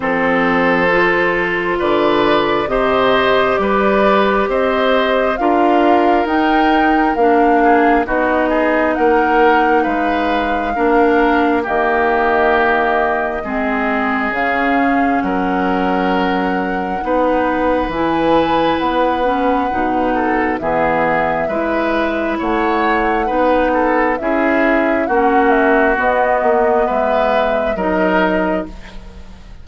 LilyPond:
<<
  \new Staff \with { instrumentName = "flute" } { \time 4/4 \tempo 4 = 67 c''2 d''4 dis''4 | d''4 dis''4 f''4 g''4 | f''4 dis''4 fis''4 f''4~ | f''4 dis''2. |
f''4 fis''2. | gis''4 fis''2 e''4~ | e''4 fis''2 e''4 | fis''8 e''8 dis''4 e''4 dis''4 | }
  \new Staff \with { instrumentName = "oboe" } { \time 4/4 a'2 b'4 c''4 | b'4 c''4 ais'2~ | ais'8 gis'8 fis'8 gis'8 ais'4 b'4 | ais'4 g'2 gis'4~ |
gis'4 ais'2 b'4~ | b'2~ b'8 a'8 gis'4 | b'4 cis''4 b'8 a'8 gis'4 | fis'2 b'4 ais'4 | }
  \new Staff \with { instrumentName = "clarinet" } { \time 4/4 c'4 f'2 g'4~ | g'2 f'4 dis'4 | d'4 dis'2. | d'4 ais2 c'4 |
cis'2. dis'4 | e'4. cis'8 dis'4 b4 | e'2 dis'4 e'4 | cis'4 b2 dis'4 | }
  \new Staff \with { instrumentName = "bassoon" } { \time 4/4 f2 d4 c4 | g4 c'4 d'4 dis'4 | ais4 b4 ais4 gis4 | ais4 dis2 gis4 |
cis4 fis2 b4 | e4 b4 b,4 e4 | gis4 a4 b4 cis'4 | ais4 b8 ais8 gis4 fis4 | }
>>